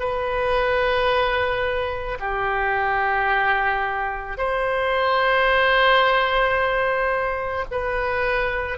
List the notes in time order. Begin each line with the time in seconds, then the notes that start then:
0.00 B4
2.20 G4
4.37 C5
7.71 B4